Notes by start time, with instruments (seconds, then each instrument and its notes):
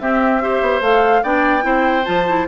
0.00 bassoon C4, clarinet C4, oboe G4, flute E5
0.42 clarinet G4, oboe C5
0.62 bassoon B3
0.81 bassoon A3, clarinet A4, flute F5
1.23 bassoon B3, clarinet D4, oboe D5, flute G5
1.62 bassoon C4, clarinet E4, oboe C5
2.05 bassoon F3, clarinet F4, flute A5
2.28 clarinet E4